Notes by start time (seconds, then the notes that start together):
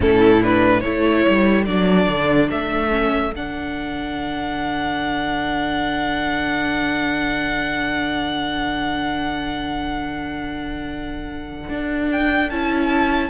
0.00 A2 C#4 E4 A4
0.41 D4 B4
0.81 A3 E4 A4 C#5
1.27 G3
1.65 F#3 D4 D5
2.08 D3
2.50 A3 E5
2.90 C#4
3.32 D3 D4 F#5
11.69 D4
12.11 G5
12.50 C#4 E4 A5